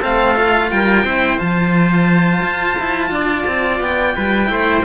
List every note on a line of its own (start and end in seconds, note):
0.00 0.72 A3
0.00 0.36 C4
0.00 0.69 A4
0.00 0.71 F5
0.36 1.05 F4
0.71 1.04 G3
0.71 1.05 A#4
0.71 1.39 G5
1.04 1.39 C4
1.04 1.39 E4
1.04 3.12 C5
1.39 2.42 F3
1.39 4.47 F4
1.39 3.80 A5
2.42 2.77 F4
2.79 3.10 E4
3.10 3.45 D4
3.10 4.16 D5
3.47 3.81 C4
3.81 4.15 B3
3.81 4.85 G5
4.16 4.50 G3
4.16 4.50 B4
4.47 4.84 A3
4.47 4.81 E4
4.47 4.85 C5